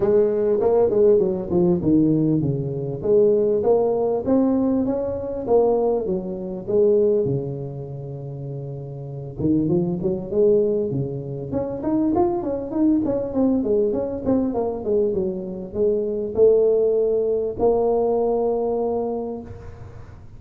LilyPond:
\new Staff \with { instrumentName = "tuba" } { \time 4/4 \tempo 4 = 99 gis4 ais8 gis8 fis8 f8 dis4 | cis4 gis4 ais4 c'4 | cis'4 ais4 fis4 gis4 | cis2.~ cis8 dis8 |
f8 fis8 gis4 cis4 cis'8 dis'8 | f'8 cis'8 dis'8 cis'8 c'8 gis8 cis'8 c'8 | ais8 gis8 fis4 gis4 a4~ | a4 ais2. | }